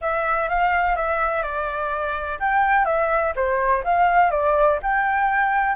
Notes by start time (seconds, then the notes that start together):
0.01 E5
0.49 F5
0.95 E5
1.42 D5
2.39 G5
2.85 E5
3.35 C5
3.84 F5
4.30 D5
4.82 G5